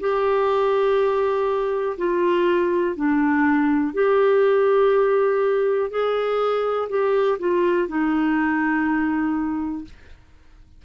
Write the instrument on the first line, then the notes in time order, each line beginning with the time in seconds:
clarinet
0.00 G4
1.97 F4
2.96 D4
3.93 G4
5.90 G#4
6.89 G4
7.39 F4
7.87 D#4